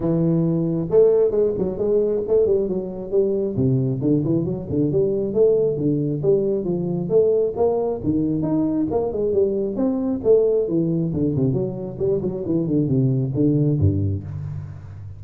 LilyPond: \new Staff \with { instrumentName = "tuba" } { \time 4/4 \tempo 4 = 135 e2 a4 gis8 fis8 | gis4 a8 g8 fis4 g4 | c4 d8 e8 fis8 d8 g4 | a4 d4 g4 f4 |
a4 ais4 dis4 dis'4 | ais8 gis8 g4 c'4 a4 | e4 d8 c8 fis4 g8 fis8 | e8 d8 c4 d4 g,4 | }